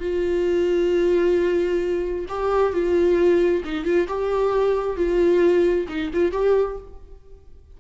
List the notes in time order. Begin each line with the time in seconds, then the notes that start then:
0.00 F4
2.28 G4
2.73 F4
3.64 D#4
3.85 F4
4.08 G4
4.97 F4
5.89 D#4
6.14 F4
6.32 G4